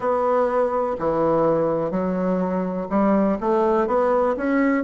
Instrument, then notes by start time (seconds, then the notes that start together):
bassoon
0.00 B3
0.99 E3
1.90 F#3
2.89 G3
3.40 A3
3.87 B3
4.36 C#4